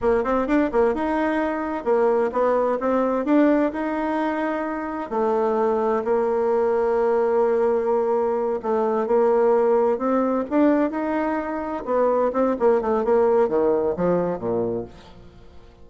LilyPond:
\new Staff \with { instrumentName = "bassoon" } { \time 4/4 \tempo 4 = 129 ais8 c'8 d'8 ais8 dis'2 | ais4 b4 c'4 d'4 | dis'2. a4~ | a4 ais2.~ |
ais2~ ais8 a4 ais8~ | ais4. c'4 d'4 dis'8~ | dis'4. b4 c'8 ais8 a8 | ais4 dis4 f4 ais,4 | }